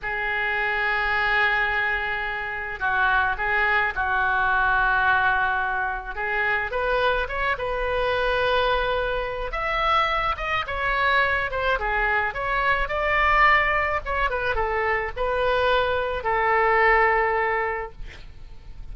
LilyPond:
\new Staff \with { instrumentName = "oboe" } { \time 4/4 \tempo 4 = 107 gis'1~ | gis'4 fis'4 gis'4 fis'4~ | fis'2. gis'4 | b'4 cis''8 b'2~ b'8~ |
b'4 e''4. dis''8 cis''4~ | cis''8 c''8 gis'4 cis''4 d''4~ | d''4 cis''8 b'8 a'4 b'4~ | b'4 a'2. | }